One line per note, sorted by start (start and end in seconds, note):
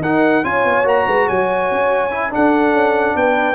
0.00 0.42 D#4
0.00 0.43 D#4
0.00 0.44 A#4
0.00 0.44 F#5
0.43 0.64 C#4
0.43 0.84 F4
0.43 1.06 C#5
0.43 0.86 G#5
0.64 0.84 B3
0.84 1.05 A#3
0.84 2.10 F#4
0.84 1.28 A#5
1.06 1.27 G#3
1.06 1.26 B4
1.26 1.71 F#3
1.26 2.31 C#5
1.26 2.33 G#5
1.71 2.34 C#4
2.11 2.30 E4
2.30 3.55 D4
2.30 2.72 D4
2.30 3.17 A4
2.30 3.16 F#5
2.72 3.14 C#4
3.15 3.55 B3
3.15 3.55 B4
3.15 3.55 G5